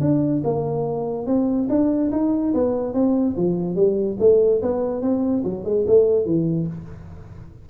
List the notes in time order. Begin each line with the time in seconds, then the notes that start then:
0.00 D4
0.44 A#3
1.26 C4
1.69 D4
2.12 D#4
2.54 B3
2.94 C4
3.37 F3
3.75 G3
4.20 A3
4.62 B3
5.01 C4
5.44 F#3
5.64 G#3
5.87 A3
6.25 E3